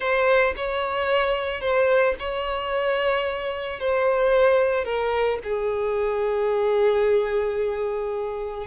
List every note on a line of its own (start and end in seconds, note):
0.00 0.54 C5
0.56 1.60 C#5
1.60 2.14 C5
2.19 3.79 C#5
3.79 4.84 C5
4.84 5.38 A#4
5.43 8.66 G#4